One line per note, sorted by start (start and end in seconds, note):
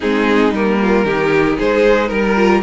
0.00 0.51 G#3
0.00 0.54 C4
0.00 0.79 D#4
0.00 0.53 G#4
0.51 1.04 G3
0.51 1.05 A#3
0.51 1.59 A#4
0.81 1.05 F4
1.04 1.57 D#3
1.04 2.36 D#4
1.04 1.57 G4
1.57 2.10 G#3
1.57 2.10 G#4
1.57 2.08 C5
2.08 2.62 G3
2.08 2.61 A#4
2.08 2.62 A#4
2.36 2.62 F4